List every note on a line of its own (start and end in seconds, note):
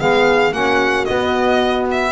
0.00 0.53 G#3
0.00 0.52 B3
0.00 0.54 G#4
0.00 0.53 F5
0.52 1.06 A#3
0.52 1.05 C#4
0.52 2.13 F#4
0.52 1.06 F#5
1.06 2.13 B3
1.06 1.86 D#5
1.92 2.13 E5